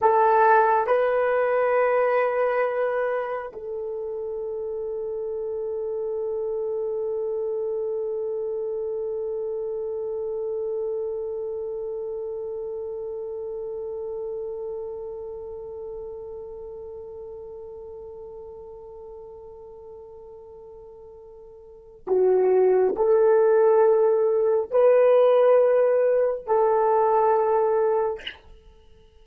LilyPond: \new Staff \with { instrumentName = "horn" } { \time 4/4 \tempo 4 = 68 a'4 b'2. | a'1~ | a'1~ | a'1~ |
a'1~ | a'1~ | a'4 fis'4 a'2 | b'2 a'2 | }